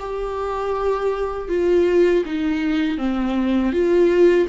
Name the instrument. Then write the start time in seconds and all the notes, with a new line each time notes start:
viola
0.00 G4
1.49 F4
2.26 D#4
2.98 C4
3.73 F4